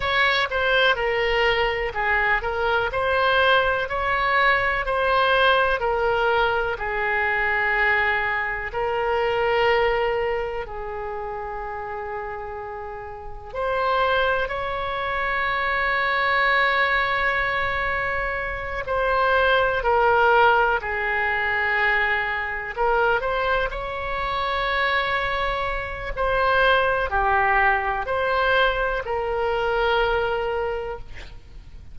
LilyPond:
\new Staff \with { instrumentName = "oboe" } { \time 4/4 \tempo 4 = 62 cis''8 c''8 ais'4 gis'8 ais'8 c''4 | cis''4 c''4 ais'4 gis'4~ | gis'4 ais'2 gis'4~ | gis'2 c''4 cis''4~ |
cis''2.~ cis''8 c''8~ | c''8 ais'4 gis'2 ais'8 | c''8 cis''2~ cis''8 c''4 | g'4 c''4 ais'2 | }